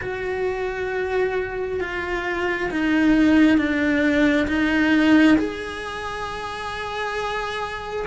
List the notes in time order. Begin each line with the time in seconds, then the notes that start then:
0.01 F#4
1.80 F4
2.70 D#4
3.57 D4
4.47 D#4
5.37 G#4